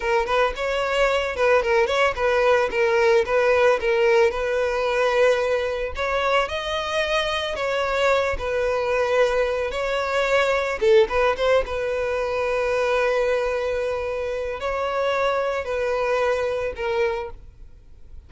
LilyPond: \new Staff \with { instrumentName = "violin" } { \time 4/4 \tempo 4 = 111 ais'8 b'8 cis''4. b'8 ais'8 cis''8 | b'4 ais'4 b'4 ais'4 | b'2. cis''4 | dis''2 cis''4. b'8~ |
b'2 cis''2 | a'8 b'8 c''8 b'2~ b'8~ | b'2. cis''4~ | cis''4 b'2 ais'4 | }